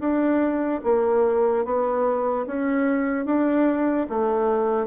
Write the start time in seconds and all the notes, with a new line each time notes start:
0.00 D4
0.84 A#3
1.65 B3
2.47 C#4
3.26 D4
4.10 A3